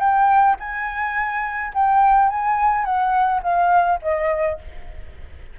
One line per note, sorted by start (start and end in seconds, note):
0.00 0.57 G5
0.60 1.73 G#5
1.74 2.30 G5
2.30 2.85 G#5
2.85 3.42 F#5
3.43 4.00 F5
4.02 4.59 D#5